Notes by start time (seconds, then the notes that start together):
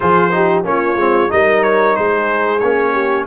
0.00 F3 F4 G#4 C5
0.31 D#4 G4
0.63 A#3 C#4 F4 C#5
0.96 G#3 C4
1.28 G3 D#4 A#4 D#5
1.63 C#5
1.96 G#3 G#4 C5
2.59 A#3 C#4 C#5
2.92 G4